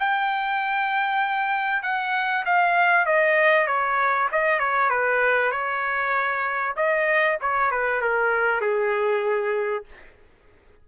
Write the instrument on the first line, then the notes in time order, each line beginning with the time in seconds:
trumpet
0.00 G5
1.83 F#5
2.46 F5
3.06 D#5
3.67 C#5
4.32 D#5
4.60 C#5
4.90 B4
5.52 C#5
6.77 D#5
7.41 C#5
7.71 B4
8.02 A#4
8.61 G#4